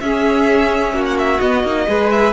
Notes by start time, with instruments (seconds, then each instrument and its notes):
0.00 cello C#4, viola C#4, violin G#4 E5
0.93 cello A#3, violin F#4
1.06 violin F#5
1.19 violin E5
1.41 cello B3, viola B3, violin D#5
1.64 cello A#3, viola D#4
1.87 cello G#3, viola G#4, violin B4
2.11 violin E5